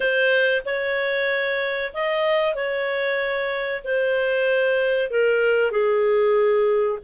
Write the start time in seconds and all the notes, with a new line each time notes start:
0.00 C5
0.65 C#5
1.93 D#5
2.54 C#5
3.84 C5
5.10 A#4
5.71 G#4